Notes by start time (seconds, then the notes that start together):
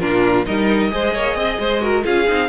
0.00 A#2 D4 F4 A#4
0.46 G3 D#4 A#4 D#5
0.90 G#3 G#4 C5
1.14 A#3 C#5
1.35 C4 D#5
1.59 G#3 C5
1.80 F#4 A#4
2.04 C#4 F4 G#4 F5
2.27 C4 D#4